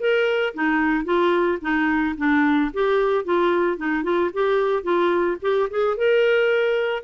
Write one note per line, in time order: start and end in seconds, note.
0.00 0.54 A#4
0.54 1.05 D#4
1.05 1.59 F4
1.61 2.15 D#4
2.18 2.72 D4
2.73 3.25 G4
3.25 3.78 F4
3.78 4.03 D#4
4.03 4.30 F4
4.33 4.83 G4
4.83 5.37 F4
5.42 5.69 G4
5.70 5.97 G#4
5.97 7.04 A#4